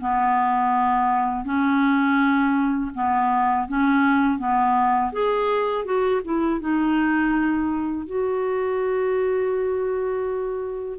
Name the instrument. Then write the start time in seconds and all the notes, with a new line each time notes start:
clarinet
0.00 B3
1.45 C#4
2.94 B3
3.68 C#4
4.39 B3
5.12 G#4
5.84 F#4
6.24 E4
6.60 D#4
8.06 F#4